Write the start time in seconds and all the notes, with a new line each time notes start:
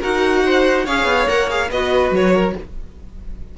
0.00 D#4 F#4 A#4 F#5
0.45 C5
0.85 C#4 G#4 C#5 F5
1.04 B3
1.27 A#3 A#4 F#5
1.49 G#4 F5
1.70 B3 F#4 B4 D#5
2.10 F#3 C#5
2.33 A#4